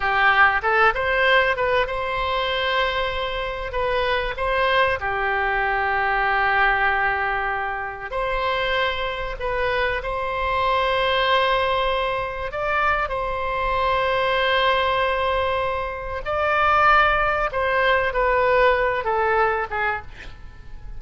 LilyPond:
\new Staff \with { instrumentName = "oboe" } { \time 4/4 \tempo 4 = 96 g'4 a'8 c''4 b'8 c''4~ | c''2 b'4 c''4 | g'1~ | g'4 c''2 b'4 |
c''1 | d''4 c''2.~ | c''2 d''2 | c''4 b'4. a'4 gis'8 | }